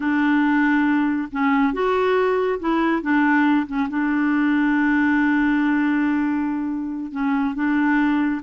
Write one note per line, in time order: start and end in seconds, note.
0.00 1.29 D4
1.31 1.73 C#4
1.73 2.59 F#4
2.59 3.01 E4
3.01 3.66 D4
3.67 3.88 C#4
3.89 7.11 D4
7.11 7.54 C#4
7.54 8.41 D4